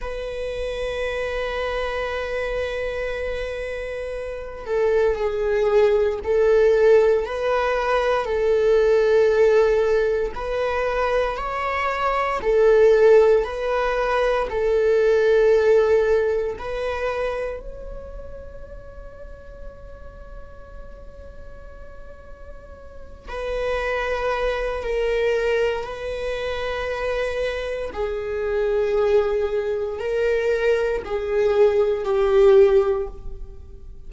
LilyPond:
\new Staff \with { instrumentName = "viola" } { \time 4/4 \tempo 4 = 58 b'1~ | b'8 a'8 gis'4 a'4 b'4 | a'2 b'4 cis''4 | a'4 b'4 a'2 |
b'4 cis''2.~ | cis''2~ cis''8 b'4. | ais'4 b'2 gis'4~ | gis'4 ais'4 gis'4 g'4 | }